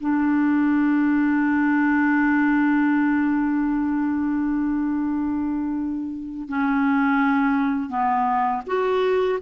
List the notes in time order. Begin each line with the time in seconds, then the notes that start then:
0.00 D4
6.49 C#4
7.90 B3
8.66 F#4